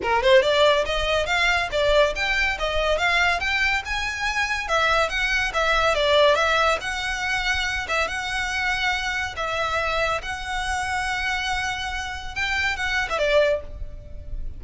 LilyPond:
\new Staff \with { instrumentName = "violin" } { \time 4/4 \tempo 4 = 141 ais'8 c''8 d''4 dis''4 f''4 | d''4 g''4 dis''4 f''4 | g''4 gis''2 e''4 | fis''4 e''4 d''4 e''4 |
fis''2~ fis''8 e''8 fis''4~ | fis''2 e''2 | fis''1~ | fis''4 g''4 fis''8. e''16 d''4 | }